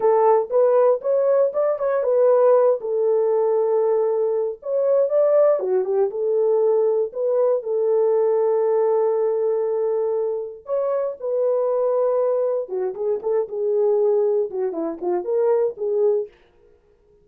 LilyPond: \new Staff \with { instrumentName = "horn" } { \time 4/4 \tempo 4 = 118 a'4 b'4 cis''4 d''8 cis''8 | b'4. a'2~ a'8~ | a'4 cis''4 d''4 fis'8 g'8 | a'2 b'4 a'4~ |
a'1~ | a'4 cis''4 b'2~ | b'4 fis'8 gis'8 a'8 gis'4.~ | gis'8 fis'8 e'8 f'8 ais'4 gis'4 | }